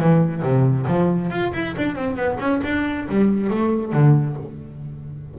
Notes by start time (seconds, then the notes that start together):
0.00 E3
0.43 C3
0.88 F3
1.31 F4
1.54 E4
1.78 D4
1.95 C4
2.16 B3
2.40 C#4
2.64 D4
3.09 G3
3.51 A3
3.93 D3